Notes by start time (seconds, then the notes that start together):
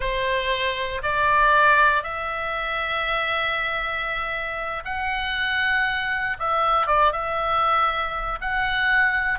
0.00 C5
1.02 D5
2.03 E5
4.84 F#5
6.39 E5
6.86 D5
7.12 E5
8.40 F#5